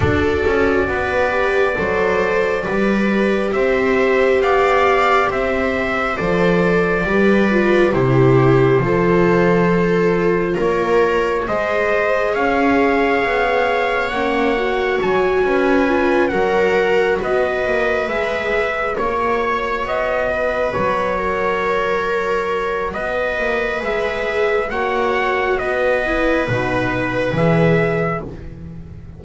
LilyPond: <<
  \new Staff \with { instrumentName = "trumpet" } { \time 4/4 \tempo 4 = 68 d''1 | e''4 f''4 e''4 d''4~ | d''4 c''2. | cis''4 dis''4 f''2 |
fis''4 gis''4. fis''4 dis''8~ | dis''8 e''4 cis''4 dis''4 cis''8~ | cis''2 dis''4 e''4 | fis''4 dis''4 b'4 e''4 | }
  \new Staff \with { instrumentName = "viola" } { \time 4/4 a'4 b'4 c''4 b'4 | c''4 d''4 c''2 | b'4 g'4 a'2 | ais'4 c''4 cis''2~ |
cis''4. b'4 ais'4 b'8~ | b'4. cis''4. b'4 | ais'2 b'2 | cis''4 b'2. | }
  \new Staff \with { instrumentName = "viola" } { \time 4/4 fis'4. g'8 a'4 g'4~ | g'2. a'4 | g'8 f'8 e'4 f'2~ | f'4 gis'2. |
cis'8 fis'4. f'8 fis'4.~ | fis'8 gis'4 fis'2~ fis'8~ | fis'2. gis'4 | fis'4. e'8 dis'4 gis'4 | }
  \new Staff \with { instrumentName = "double bass" } { \time 4/4 d'8 cis'8 b4 fis4 g4 | c'4 b4 c'4 f4 | g4 c4 f2 | ais4 gis4 cis'4 b4 |
ais4 fis8 cis'4 fis4 b8 | ais8 gis4 ais4 b4 fis8~ | fis2 b8 ais8 gis4 | ais4 b4 b,4 e4 | }
>>